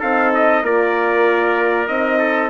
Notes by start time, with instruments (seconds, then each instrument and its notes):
0.00 bassoon C4, horn D#4, trumpet A4 F5
0.34 trumpet D#5
0.63 bassoon A#3, horn F4, trumpet A#4 D5
1.87 bassoon C4, horn D#4, trumpet D#5
2.19 trumpet A4